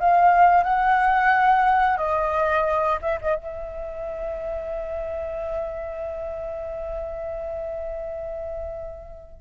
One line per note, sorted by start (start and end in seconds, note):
0.00 0.64 F5
0.64 1.98 F#5
1.98 2.99 D#5
3.02 3.19 E5
3.22 3.36 D#5
3.36 9.41 E5